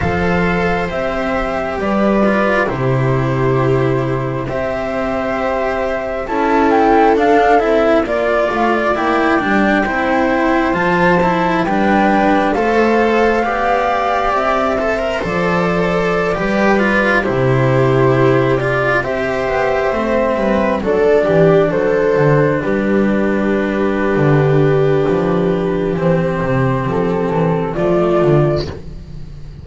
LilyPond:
<<
  \new Staff \with { instrumentName = "flute" } { \time 4/4 \tempo 4 = 67 f''4 e''4 d''4 c''4~ | c''4 e''2 a''8 g''8 | f''8 e''8 d''8 f''16 d''16 g''2 | a''4 g''4 f''2 |
e''4 d''2~ d''16 c''8.~ | c''8. d''8 e''2 d''8.~ | d''16 c''4 b'2~ b'8.~ | b'4 c''4 a'4 d''4 | }
  \new Staff \with { instrumentName = "viola" } { \time 4/4 c''2 b'4 g'4~ | g'4 c''2 a'4~ | a'4 d''2 c''4~ | c''4 b'4 c''4 d''4~ |
d''8 c''4.~ c''16 b'4 g'8.~ | g'4~ g'16 c''4. b'8 a'8 g'16~ | g'16 a'4 g'2~ g'8.~ | g'2. f'4 | }
  \new Staff \with { instrumentName = "cello" } { \time 4/4 a'4 g'4. f'8 e'4~ | e'4 g'2 e'4 | d'8 e'8 f'4 e'8 d'8 e'4 | f'8 e'8 d'4 a'4 g'4~ |
g'8 a'16 ais'16 a'4~ a'16 g'8 f'8 e'8.~ | e'8. f'8 g'4 c'4 d'8.~ | d'1~ | d'4 c'2 a4 | }
  \new Staff \with { instrumentName = "double bass" } { \time 4/4 f4 c'4 g4 c4~ | c4 c'2 cis'4 | d'8 c'8 ais8 a8 ais8 g8 c'4 | f4 g4 a4 b4 |
c'4 f4~ f16 g4 c8.~ | c4~ c16 c'8 b8 a8 g8 fis8 e16~ | e16 fis8 d8 g4.~ g16 d4 | f4 e8 c8 f8 e8 f8 d8 | }
>>